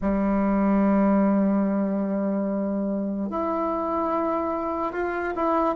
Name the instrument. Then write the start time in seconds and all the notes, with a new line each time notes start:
bassoon
0.01 G3
3.30 E4
4.92 F4
5.35 E4